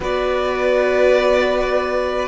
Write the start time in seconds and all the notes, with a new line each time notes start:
0.00 B3 F#4 B4 D5